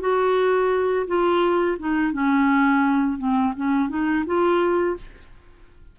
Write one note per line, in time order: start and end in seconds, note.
0.00 1.06 F#4
1.07 1.77 F4
1.79 2.12 D#4
2.12 3.18 C#4
3.18 3.53 C4
3.56 3.89 C#4
3.89 4.24 D#4
4.26 4.96 F4